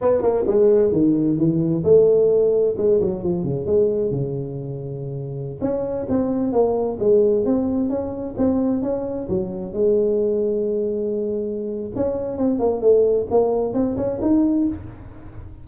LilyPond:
\new Staff \with { instrumentName = "tuba" } { \time 4/4 \tempo 4 = 131 b8 ais8 gis4 dis4 e4 | a2 gis8 fis8 f8 cis8 | gis4 cis2.~ | cis16 cis'4 c'4 ais4 gis8.~ |
gis16 c'4 cis'4 c'4 cis'8.~ | cis'16 fis4 gis2~ gis8.~ | gis2 cis'4 c'8 ais8 | a4 ais4 c'8 cis'8 dis'4 | }